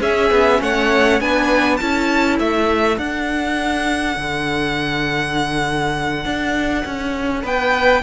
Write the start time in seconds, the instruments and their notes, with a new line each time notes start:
0.00 cello C#4, viola C#4, violin G#4 E5
0.31 cello B3
0.62 cello A3, violin C#5 F#5
1.21 cello B3, viola D4, violin B4 G#5
1.77 cello C#4, viola E4, violin A4 A5
2.40 cello A3, violin E5
2.98 cello D4, viola D4, violin F#5
4.17 cello D3
6.25 cello D4
6.86 cello C#4
7.43 cello B3, violin B4 G5